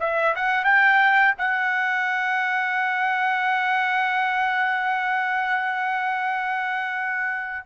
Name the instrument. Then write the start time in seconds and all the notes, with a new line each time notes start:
trumpet
0.00 E5
0.36 F#5
0.65 G5
1.38 F#5